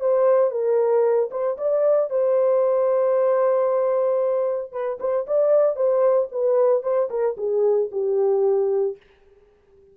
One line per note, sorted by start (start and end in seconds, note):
0.00 0.51 C5
0.51 1.30 A#4
1.31 1.57 C5
1.58 2.10 D5
2.10 4.72 C5
4.72 4.99 B4
5.00 5.26 C5
5.27 5.76 D5
5.76 6.29 C5
6.32 6.83 B4
6.83 7.09 C5
7.10 7.36 A#4
7.37 7.90 G#4
7.92 8.97 G4